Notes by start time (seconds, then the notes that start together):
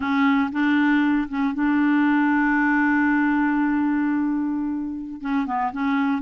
0.00 C#4
0.52 D4
1.28 C#4
1.54 D4
5.21 C#4
5.46 B3
5.72 C#4